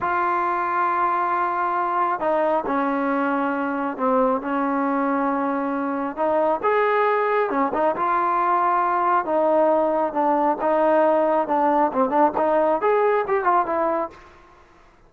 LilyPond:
\new Staff \with { instrumentName = "trombone" } { \time 4/4 \tempo 4 = 136 f'1~ | f'4 dis'4 cis'2~ | cis'4 c'4 cis'2~ | cis'2 dis'4 gis'4~ |
gis'4 cis'8 dis'8 f'2~ | f'4 dis'2 d'4 | dis'2 d'4 c'8 d'8 | dis'4 gis'4 g'8 f'8 e'4 | }